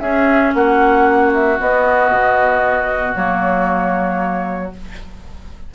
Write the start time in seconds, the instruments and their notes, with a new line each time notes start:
0.00 bassoon C#4, clarinet C#4, oboe G#4, flute E5
0.54 bassoon A#3, oboe F#4, flute F#5
1.34 flute E5
1.59 clarinet B3, bassoon B3, flute D#5
2.11 bassoon B2
3.15 bassoon F#3, clarinet A#3, flute C#5